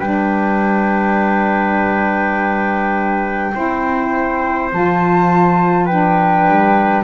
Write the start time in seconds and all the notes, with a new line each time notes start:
0.00 G3 D4 B4 G5
3.53 C4 E4 C5
4.72 F3 F4 A5
5.86 D4 B4 G5
6.49 G3